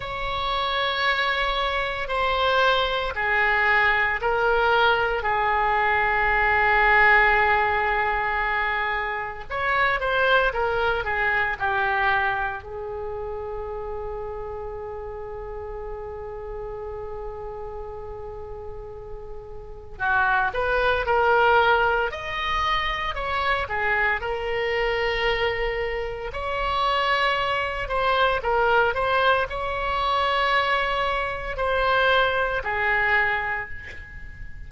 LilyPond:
\new Staff \with { instrumentName = "oboe" } { \time 4/4 \tempo 4 = 57 cis''2 c''4 gis'4 | ais'4 gis'2.~ | gis'4 cis''8 c''8 ais'8 gis'8 g'4 | gis'1~ |
gis'2. fis'8 b'8 | ais'4 dis''4 cis''8 gis'8 ais'4~ | ais'4 cis''4. c''8 ais'8 c''8 | cis''2 c''4 gis'4 | }